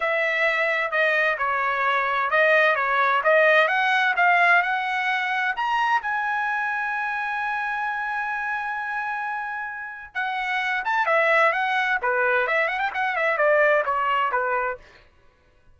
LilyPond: \new Staff \with { instrumentName = "trumpet" } { \time 4/4 \tempo 4 = 130 e''2 dis''4 cis''4~ | cis''4 dis''4 cis''4 dis''4 | fis''4 f''4 fis''2 | ais''4 gis''2.~ |
gis''1~ | gis''2 fis''4. a''8 | e''4 fis''4 b'4 e''8 fis''16 g''16 | fis''8 e''8 d''4 cis''4 b'4 | }